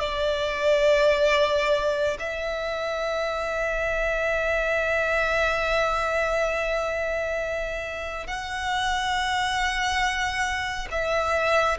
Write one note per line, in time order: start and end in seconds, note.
0.00 2.17 D5
2.19 8.27 E5
8.27 10.88 F#5
10.91 11.78 E5